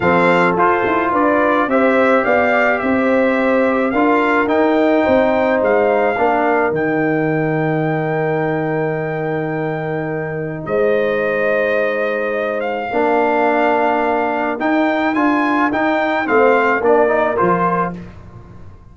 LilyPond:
<<
  \new Staff \with { instrumentName = "trumpet" } { \time 4/4 \tempo 4 = 107 f''4 c''4 d''4 e''4 | f''4 e''2 f''4 | g''2 f''2 | g''1~ |
g''2. dis''4~ | dis''2~ dis''8 f''4.~ | f''2 g''4 gis''4 | g''4 f''4 d''4 c''4 | }
  \new Staff \with { instrumentName = "horn" } { \time 4/4 a'2 b'4 c''4 | d''4 c''2 ais'4~ | ais'4 c''2 ais'4~ | ais'1~ |
ais'2. c''4~ | c''2. ais'4~ | ais'1~ | ais'4 c''4 ais'2 | }
  \new Staff \with { instrumentName = "trombone" } { \time 4/4 c'4 f'2 g'4~ | g'2. f'4 | dis'2. d'4 | dis'1~ |
dis'1~ | dis'2. d'4~ | d'2 dis'4 f'4 | dis'4 c'4 d'8 dis'8 f'4 | }
  \new Staff \with { instrumentName = "tuba" } { \time 4/4 f4 f'8 e'8 d'4 c'4 | b4 c'2 d'4 | dis'4 c'4 gis4 ais4 | dis1~ |
dis2. gis4~ | gis2. ais4~ | ais2 dis'4 d'4 | dis'4 a4 ais4 f4 | }
>>